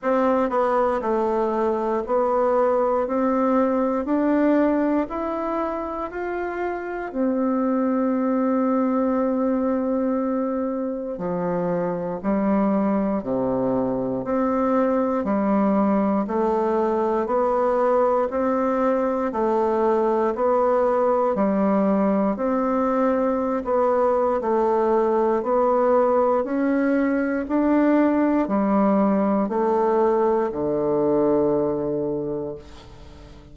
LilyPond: \new Staff \with { instrumentName = "bassoon" } { \time 4/4 \tempo 4 = 59 c'8 b8 a4 b4 c'4 | d'4 e'4 f'4 c'4~ | c'2. f4 | g4 c4 c'4 g4 |
a4 b4 c'4 a4 | b4 g4 c'4~ c'16 b8. | a4 b4 cis'4 d'4 | g4 a4 d2 | }